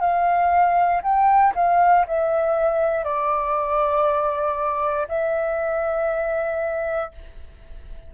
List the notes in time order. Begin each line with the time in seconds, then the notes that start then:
0.00 F5
1.03 G5
1.55 F5
2.07 E5
3.04 D5
5.08 E5